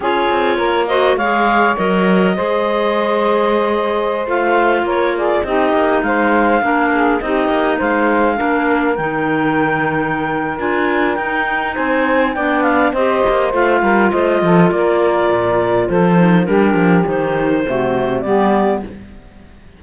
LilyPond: <<
  \new Staff \with { instrumentName = "clarinet" } { \time 4/4 \tempo 4 = 102 cis''4. dis''8 f''4 dis''4~ | dis''2.~ dis''16 f''8.~ | f''16 cis''8 d''8 dis''4 f''4.~ f''16~ | f''16 dis''4 f''2 g''8.~ |
g''2 gis''4 g''4 | gis''4 g''8 f''8 dis''4 f''4 | dis''4 d''2 c''4 | ais'4 c''2 d''4 | }
  \new Staff \with { instrumentName = "saxophone" } { \time 4/4 gis'4 ais'8 c''8 cis''2 | c''1~ | c''16 ais'8 gis'8 g'4 c''4 ais'8 gis'16~ | gis'16 g'4 c''4 ais'4.~ ais'16~ |
ais'1 | c''4 d''4 c''4. ais'8 | c''8 a'8 ais'2 a'4 | g'2 fis'4 g'4 | }
  \new Staff \with { instrumentName = "clarinet" } { \time 4/4 f'4. fis'8 gis'4 ais'4 | gis'2.~ gis'16 f'8.~ | f'4~ f'16 dis'2 d'8.~ | d'16 dis'2 d'4 dis'8.~ |
dis'2 f'4 dis'4~ | dis'4 d'4 g'4 f'4~ | f'2.~ f'8 dis'8 | d'4 dis'4 a4 b4 | }
  \new Staff \with { instrumentName = "cello" } { \time 4/4 cis'8 c'8 ais4 gis4 fis4 | gis2.~ gis16 a8.~ | a16 ais4 c'8 ais8 gis4 ais8.~ | ais16 c'8 ais8 gis4 ais4 dis8.~ |
dis2 d'4 dis'4 | c'4 b4 c'8 ais8 a8 g8 | a8 f8 ais4 ais,4 f4 | g8 f8 dis4 c4 g4 | }
>>